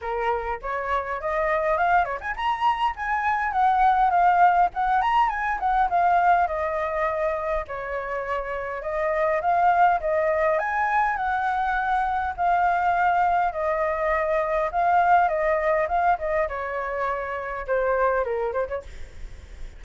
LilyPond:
\new Staff \with { instrumentName = "flute" } { \time 4/4 \tempo 4 = 102 ais'4 cis''4 dis''4 f''8 cis''16 gis''16 | ais''4 gis''4 fis''4 f''4 | fis''8 ais''8 gis''8 fis''8 f''4 dis''4~ | dis''4 cis''2 dis''4 |
f''4 dis''4 gis''4 fis''4~ | fis''4 f''2 dis''4~ | dis''4 f''4 dis''4 f''8 dis''8 | cis''2 c''4 ais'8 c''16 cis''16 | }